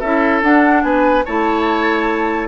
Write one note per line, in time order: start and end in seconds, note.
0.00 0.43 C#4
0.00 0.42 E4
0.00 0.82 A4
0.00 0.41 E5
0.42 1.25 D4
0.42 0.84 D4
0.42 0.83 F#5
0.83 1.25 B3
0.83 1.25 B4
0.83 1.24 G#5
1.25 2.48 A3
1.25 2.48 E4
1.25 2.48 C#5
1.25 2.48 A5